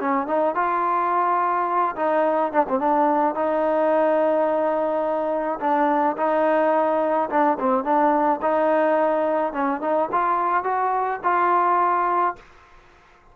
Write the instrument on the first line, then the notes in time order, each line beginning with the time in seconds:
trombone
0.00 C#4
0.27 D#4
0.55 F4
1.96 D#4
2.52 D4
2.68 C4
2.79 D4
3.35 D#4
5.60 D4
6.17 D#4
7.30 D4
7.59 C4
7.84 D4
8.42 D#4
9.53 C#4
9.81 D#4
10.12 F4
10.64 F#4
11.23 F4